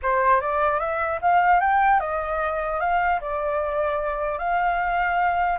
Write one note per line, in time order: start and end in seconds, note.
0.02 0.40 C5
0.40 0.79 D5
0.79 1.19 E5
1.21 1.60 F5
1.60 2.00 G5
2.00 2.79 D#5
2.79 3.19 F5
3.20 4.38 D5
4.38 5.58 F5